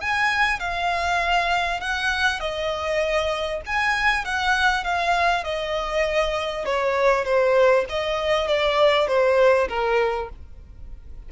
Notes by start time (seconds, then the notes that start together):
0.00 G#5
0.60 F5
1.80 F#5
2.40 D#5
3.66 G#5
4.24 F#5
4.84 F5
5.44 D#5
6.65 C#5
7.24 C5
7.89 D#5
8.47 D5
9.07 C5
9.68 A#4